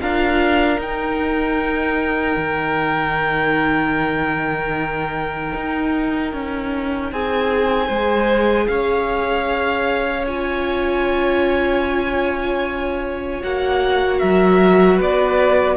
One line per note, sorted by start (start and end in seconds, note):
0.00 0.78 D4
0.00 0.79 F4
0.00 7.12 A#4
0.00 0.80 F5
0.78 2.36 D#4
0.78 7.89 D#4
0.78 7.12 G5
2.37 5.52 D#3
5.54 6.33 D#4
6.33 7.12 C#4
7.12 7.89 C4
7.12 7.87 G#4
7.12 8.67 G#5
7.87 8.68 G#3
7.87 10.27 G#4
7.87 8.66 C5
8.67 13.42 C#4
8.67 14.19 C#5
8.67 10.25 F5
10.27 13.42 F4
10.27 13.43 G#5
13.42 14.21 A#3
13.42 15.77 F#4
13.42 14.19 F#5
14.19 15.00 F#3
14.19 14.97 A#4
14.19 14.98 E5
14.97 15.77 B3
14.97 15.76 B4
14.97 15.77 D5